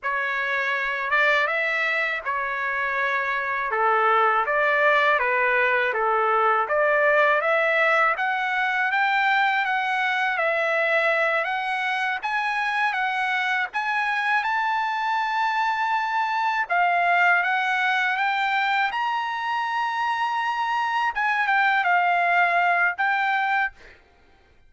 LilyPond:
\new Staff \with { instrumentName = "trumpet" } { \time 4/4 \tempo 4 = 81 cis''4. d''8 e''4 cis''4~ | cis''4 a'4 d''4 b'4 | a'4 d''4 e''4 fis''4 | g''4 fis''4 e''4. fis''8~ |
fis''8 gis''4 fis''4 gis''4 a''8~ | a''2~ a''8 f''4 fis''8~ | fis''8 g''4 ais''2~ ais''8~ | ais''8 gis''8 g''8 f''4. g''4 | }